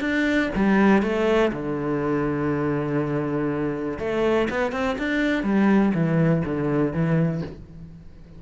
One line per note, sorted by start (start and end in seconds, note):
0.00 0.49 D4
0.55 1.02 G3
1.02 1.51 A3
1.52 3.98 D3
3.99 4.48 A3
4.49 4.72 B3
4.72 4.96 C4
4.98 5.43 D4
5.43 5.92 G3
5.94 6.43 E3
6.45 6.92 D3
6.92 7.42 E3